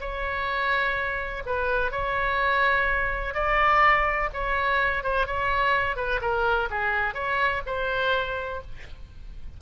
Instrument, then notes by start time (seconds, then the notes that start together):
oboe
0.00 C#5
1.46 B4
1.91 C#5
3.34 D5
4.33 C#5
5.03 C5
5.26 C#5
5.96 B4
6.21 A#4
6.70 G#4
7.14 C#5
7.66 C5